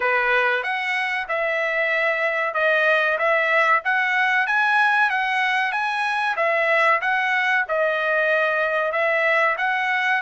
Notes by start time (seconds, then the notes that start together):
0.00 B4
0.63 F#5
1.28 E5
2.54 D#5
3.18 E5
3.84 F#5
4.47 G#5
5.10 F#5
5.72 G#5
6.36 E5
7.01 F#5
7.68 D#5
8.92 E5
9.57 F#5